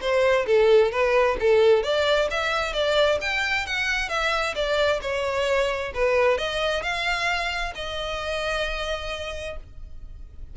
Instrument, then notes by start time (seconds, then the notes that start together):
violin
0.00 C5
0.46 A4
0.91 B4
1.39 A4
1.83 D5
2.30 E5
2.73 D5
3.21 G5
3.66 F#5
4.09 E5
4.55 D5
5.01 C#5
5.94 B4
6.37 D#5
6.82 F5
7.75 D#5